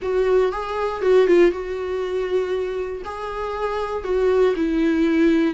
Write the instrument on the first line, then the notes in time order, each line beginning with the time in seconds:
viola
0.02 F#4
0.52 G#4
1.01 F#4
1.26 F4
1.51 F#4
3.04 G#4
4.03 F#4
4.56 E4